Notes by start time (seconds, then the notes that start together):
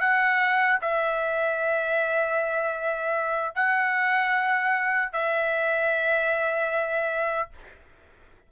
0.00 F#5
0.81 E5
3.55 F#5
5.12 E5